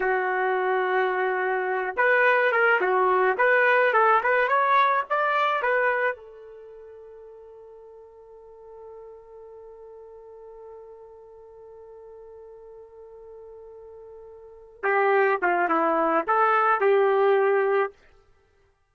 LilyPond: \new Staff \with { instrumentName = "trumpet" } { \time 4/4 \tempo 4 = 107 fis'2.~ fis'8 b'8~ | b'8 ais'8 fis'4 b'4 a'8 b'8 | cis''4 d''4 b'4 a'4~ | a'1~ |
a'1~ | a'1~ | a'2~ a'8 g'4 f'8 | e'4 a'4 g'2 | }